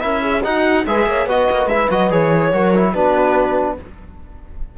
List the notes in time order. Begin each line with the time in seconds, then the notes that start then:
0.00 C#4 E4 A#4 E5
0.22 G#4
0.43 D#4 F#4 F#5
0.87 G#3 G#4 B4 E5
1.06 A#3 C#5
1.26 B3 F#4 B4 D#5
1.51 A#3
1.66 G#3 E4 E5
1.91 F#3 F#4 D#5
2.11 E3 G#4 C#5
2.53 F#3 F#4 A#4
2.75 E4
2.93 B3 D4 F#4 B4